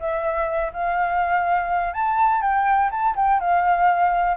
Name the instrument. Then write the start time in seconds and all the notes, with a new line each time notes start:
flute
0.00 E5
0.73 F5
1.94 A5
2.42 G5
2.91 A5
3.16 G5
3.40 F5